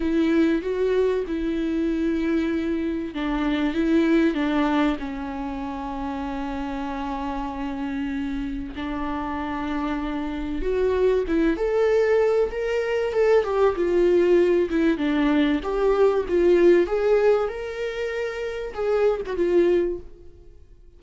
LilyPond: \new Staff \with { instrumentName = "viola" } { \time 4/4 \tempo 4 = 96 e'4 fis'4 e'2~ | e'4 d'4 e'4 d'4 | cis'1~ | cis'2 d'2~ |
d'4 fis'4 e'8 a'4. | ais'4 a'8 g'8 f'4. e'8 | d'4 g'4 f'4 gis'4 | ais'2 gis'8. fis'16 f'4 | }